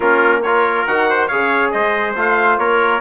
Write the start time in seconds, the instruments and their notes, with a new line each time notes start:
0.00 bassoon A#3, trombone C#4, trumpet F4 A#4
0.42 trombone F4, trumpet A#4 C#5
0.86 bassoon D#3, trombone F#4, trumpet F#5
1.09 trumpet C5
1.27 bassoon C#3, trombone G#4, trumpet C#5 F5
1.71 bassoon G#3, trumpet C5 D#5
2.15 bassoon A3, trombone F4, trumpet F5
2.57 bassoon A#3, trumpet A#4 C#5